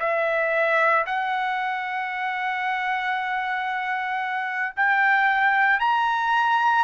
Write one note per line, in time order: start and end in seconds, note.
0.00 1.05 E5
1.06 4.75 F#5
4.77 5.80 G5
5.80 6.84 A#5